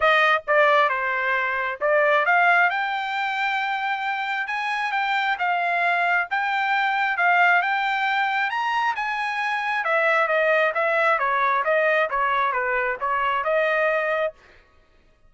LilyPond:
\new Staff \with { instrumentName = "trumpet" } { \time 4/4 \tempo 4 = 134 dis''4 d''4 c''2 | d''4 f''4 g''2~ | g''2 gis''4 g''4 | f''2 g''2 |
f''4 g''2 ais''4 | gis''2 e''4 dis''4 | e''4 cis''4 dis''4 cis''4 | b'4 cis''4 dis''2 | }